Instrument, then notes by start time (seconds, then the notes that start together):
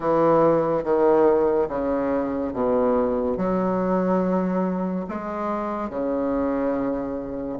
bassoon
0.00 E3
0.84 D#3
1.69 C#3
2.53 B2
3.36 F#3
5.08 G#3
5.89 C#3